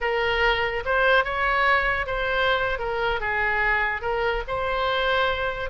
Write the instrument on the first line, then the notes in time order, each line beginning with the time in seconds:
oboe
0.00 A#4
0.85 C5
1.24 C#5
2.06 C5
2.78 A#4
3.20 G#4
4.01 A#4
4.47 C5